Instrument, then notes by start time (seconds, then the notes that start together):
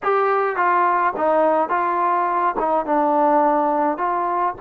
trombone
0.02 G4
0.56 F4
1.16 D#4
1.69 F4
2.59 D#4
2.85 D4
3.97 F4